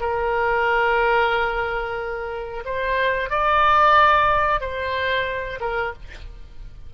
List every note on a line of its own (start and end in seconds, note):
0.00 2.64 A#4
2.65 3.30 C5
3.30 4.61 D5
4.61 5.60 C5
5.60 5.93 A#4